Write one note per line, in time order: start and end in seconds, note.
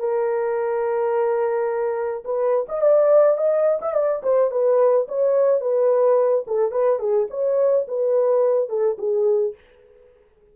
0.00 2.24 A#4
2.25 2.67 B4
2.69 2.82 D#5
2.82 3.38 D5
3.38 3.80 D#5
3.82 3.94 E5
3.94 4.22 D5
4.23 4.51 C5
4.52 5.08 B4
5.09 5.61 C#5
5.61 6.45 B4
6.48 6.72 A4
6.72 7.00 B4
7.00 7.28 G#4
7.31 7.87 C#5
7.88 8.70 B4
8.70 8.98 A4
8.98 9.55 G#4